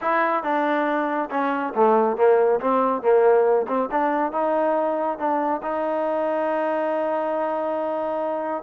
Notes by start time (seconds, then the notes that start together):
0.01 E4
0.43 D4
1.30 C#4
1.74 A3
2.16 A#3
2.60 C4
3.01 A#3
3.67 C4
3.91 D4
4.32 D#4
5.18 D4
5.62 D#4